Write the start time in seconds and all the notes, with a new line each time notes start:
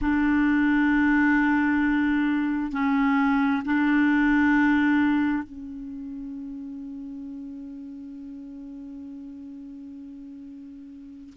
0.01 D4
2.71 C#4
3.65 D4
5.43 C#4